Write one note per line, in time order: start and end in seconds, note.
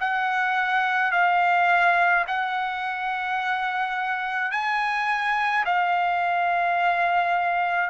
0.00 1.12 F#5
1.12 2.25 F5
2.27 4.51 F#5
4.51 5.64 G#5
5.66 7.89 F5